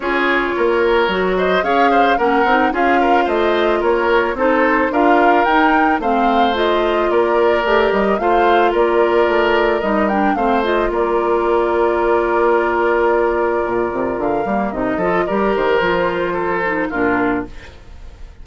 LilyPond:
<<
  \new Staff \with { instrumentName = "flute" } { \time 4/4 \tempo 4 = 110 cis''2~ cis''8 dis''8 f''4 | fis''4 f''4 dis''4 cis''4 | c''4 f''4 g''4 f''4 | dis''4 d''4. dis''8 f''4 |
d''2 dis''8 g''8 f''8 dis''8 | d''1~ | d''2 f''4 dis''4 | d''8 c''2~ c''8 ais'4 | }
  \new Staff \with { instrumentName = "oboe" } { \time 4/4 gis'4 ais'4. c''8 cis''8 c''8 | ais'4 gis'8 ais'8 c''4 ais'4 | a'4 ais'2 c''4~ | c''4 ais'2 c''4 |
ais'2. c''4 | ais'1~ | ais'2.~ ais'8 a'8 | ais'2 a'4 f'4 | }
  \new Staff \with { instrumentName = "clarinet" } { \time 4/4 f'2 fis'4 gis'4 | cis'8 dis'8 f'2. | dis'4 f'4 dis'4 c'4 | f'2 g'4 f'4~ |
f'2 dis'8 d'8 c'8 f'8~ | f'1~ | f'2~ f'8 ais8 dis'8 f'8 | g'4 f'4. dis'8 d'4 | }
  \new Staff \with { instrumentName = "bassoon" } { \time 4/4 cis'4 ais4 fis4 cis'4 | ais8 c'8 cis'4 a4 ais4 | c'4 d'4 dis'4 a4~ | a4 ais4 a8 g8 a4 |
ais4 a4 g4 a4 | ais1~ | ais4 ais,8 c8 d8 g8 c8 f8 | g8 dis8 f2 ais,4 | }
>>